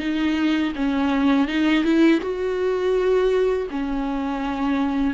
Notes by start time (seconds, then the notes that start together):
0.00 D#4
0.75 C#4
1.48 D#4
1.84 E4
2.22 F#4
3.71 C#4